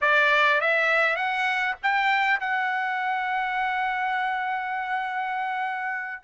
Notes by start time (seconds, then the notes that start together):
0.01 D5
0.60 E5
1.16 F#5
1.83 G5
2.40 F#5